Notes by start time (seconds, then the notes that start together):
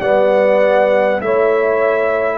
0.00 G3 B3 D5 F#5
1.21 A3 E4 C#5 E5